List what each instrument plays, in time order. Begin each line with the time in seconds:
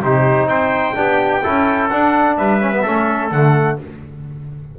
0.00 double bass C3, trombone D#4, trumpet G4 C5
0.45 double bass C4, trumpet C5 G5
0.94 double bass B3, trombone D4, trumpet G4
1.43 double bass C#4, trombone E4, trumpet A4
1.89 double bass D4, trombone D4, trumpet F#5
2.37 double bass G3, trumpet B4 E5
2.60 trombone C#4
2.72 trombone B3
2.82 double bass A3, trombone C#4, trumpet A4
3.31 double bass D3, trombone A3, trumpet F#5